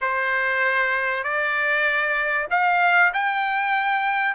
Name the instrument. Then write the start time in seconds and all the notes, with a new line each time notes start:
trumpet
0.01 C5
1.23 D5
2.50 F5
3.13 G5